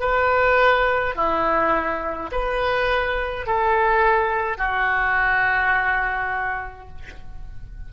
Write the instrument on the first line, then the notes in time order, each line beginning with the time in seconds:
oboe
0.00 B4
1.15 E4
2.32 B4
3.46 A4
4.58 F#4